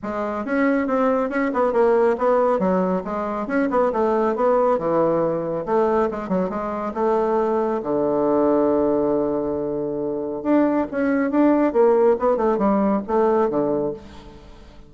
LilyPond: \new Staff \with { instrumentName = "bassoon" } { \time 4/4 \tempo 4 = 138 gis4 cis'4 c'4 cis'8 b8 | ais4 b4 fis4 gis4 | cis'8 b8 a4 b4 e4~ | e4 a4 gis8 fis8 gis4 |
a2 d2~ | d1 | d'4 cis'4 d'4 ais4 | b8 a8 g4 a4 d4 | }